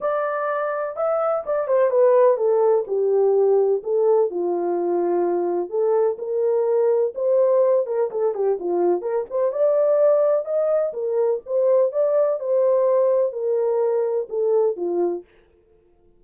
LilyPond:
\new Staff \with { instrumentName = "horn" } { \time 4/4 \tempo 4 = 126 d''2 e''4 d''8 c''8 | b'4 a'4 g'2 | a'4 f'2. | a'4 ais'2 c''4~ |
c''8 ais'8 a'8 g'8 f'4 ais'8 c''8 | d''2 dis''4 ais'4 | c''4 d''4 c''2 | ais'2 a'4 f'4 | }